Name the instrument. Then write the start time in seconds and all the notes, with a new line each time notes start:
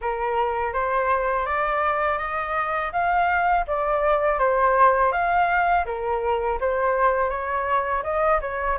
flute
0.01 A#4
0.73 C5
1.46 D5
2.18 D#5
2.92 F5
3.67 D5
4.39 C5
5.12 F5
5.85 A#4
6.60 C5
7.29 C#5
8.03 D#5
8.41 C#5